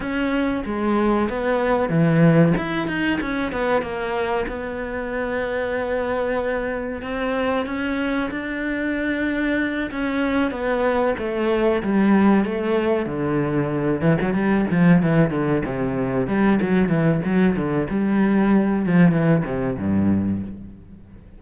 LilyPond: \new Staff \with { instrumentName = "cello" } { \time 4/4 \tempo 4 = 94 cis'4 gis4 b4 e4 | e'8 dis'8 cis'8 b8 ais4 b4~ | b2. c'4 | cis'4 d'2~ d'8 cis'8~ |
cis'8 b4 a4 g4 a8~ | a8 d4. e16 fis16 g8 f8 e8 | d8 c4 g8 fis8 e8 fis8 d8 | g4. f8 e8 c8 g,4 | }